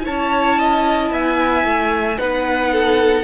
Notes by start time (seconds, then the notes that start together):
0.00 E4 C#5
0.06 C#4 A5
0.58 D#5
1.10 B3 E5 G#5
1.64 A3
2.18 B3 D#4 B4 F#5
2.72 A4